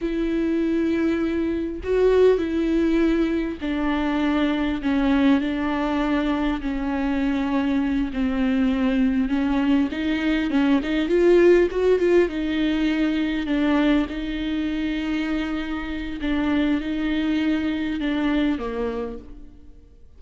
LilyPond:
\new Staff \with { instrumentName = "viola" } { \time 4/4 \tempo 4 = 100 e'2. fis'4 | e'2 d'2 | cis'4 d'2 cis'4~ | cis'4. c'2 cis'8~ |
cis'8 dis'4 cis'8 dis'8 f'4 fis'8 | f'8 dis'2 d'4 dis'8~ | dis'2. d'4 | dis'2 d'4 ais4 | }